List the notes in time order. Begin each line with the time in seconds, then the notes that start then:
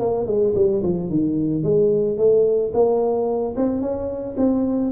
0.00 A#3
0.27 G#3
0.56 G3
0.83 F3
1.10 D#3
1.63 G#3
2.18 A3
2.74 A#3
3.57 C4
3.82 C#4
4.38 C4